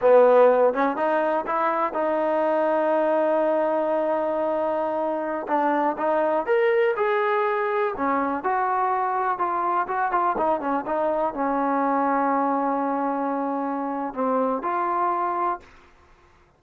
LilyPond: \new Staff \with { instrumentName = "trombone" } { \time 4/4 \tempo 4 = 123 b4. cis'8 dis'4 e'4 | dis'1~ | dis'2.~ dis'16 d'8.~ | d'16 dis'4 ais'4 gis'4.~ gis'16~ |
gis'16 cis'4 fis'2 f'8.~ | f'16 fis'8 f'8 dis'8 cis'8 dis'4 cis'8.~ | cis'1~ | cis'4 c'4 f'2 | }